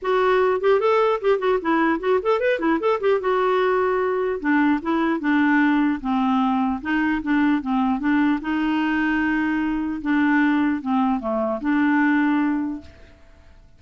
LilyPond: \new Staff \with { instrumentName = "clarinet" } { \time 4/4 \tempo 4 = 150 fis'4. g'8 a'4 g'8 fis'8 | e'4 fis'8 a'8 b'8 e'8 a'8 g'8 | fis'2. d'4 | e'4 d'2 c'4~ |
c'4 dis'4 d'4 c'4 | d'4 dis'2.~ | dis'4 d'2 c'4 | a4 d'2. | }